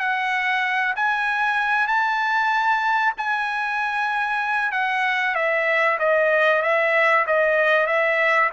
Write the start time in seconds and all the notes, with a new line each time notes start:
0.00 F#5
0.96 G#5
1.88 A5
3.18 G#5
4.72 F#5
5.35 E5
5.99 D#5
6.63 E5
7.27 D#5
7.87 E5